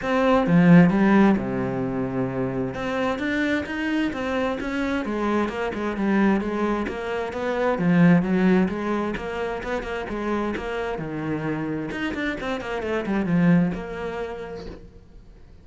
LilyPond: \new Staff \with { instrumentName = "cello" } { \time 4/4 \tempo 4 = 131 c'4 f4 g4 c4~ | c2 c'4 d'4 | dis'4 c'4 cis'4 gis4 | ais8 gis8 g4 gis4 ais4 |
b4 f4 fis4 gis4 | ais4 b8 ais8 gis4 ais4 | dis2 dis'8 d'8 c'8 ais8 | a8 g8 f4 ais2 | }